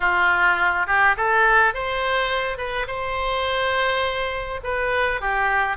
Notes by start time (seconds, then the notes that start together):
0.00 F4
0.86 G4
1.16 A4
1.74 C5
2.57 B4
2.87 C5
4.63 B4
5.20 G4